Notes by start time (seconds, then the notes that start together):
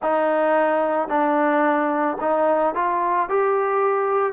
0.02 D#4
1.08 D4
2.20 D#4
2.75 F4
3.29 G4